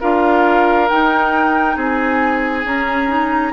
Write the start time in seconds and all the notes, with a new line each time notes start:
0.00 D4 F4 A#4 F5
0.88 D#4 G5
1.76 C4 G#4 G#5
2.64 C#4 A#5
3.07 D#4